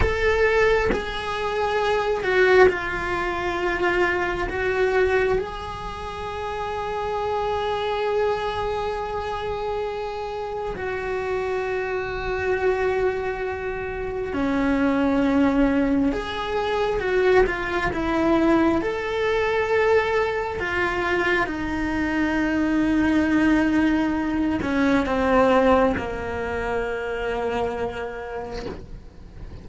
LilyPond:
\new Staff \with { instrumentName = "cello" } { \time 4/4 \tempo 4 = 67 a'4 gis'4. fis'8 f'4~ | f'4 fis'4 gis'2~ | gis'1 | fis'1 |
cis'2 gis'4 fis'8 f'8 | e'4 a'2 f'4 | dis'2.~ dis'8 cis'8 | c'4 ais2. | }